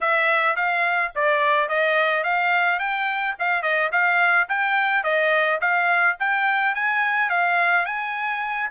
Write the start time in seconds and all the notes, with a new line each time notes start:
0.00 E5
0.56 F5
1.15 D5
1.68 D#5
2.23 F5
2.79 G5
3.39 F5
3.62 D#5
3.92 F5
4.49 G5
5.03 D#5
5.60 F5
6.19 G5
6.74 G#5
7.29 F5
7.85 G#5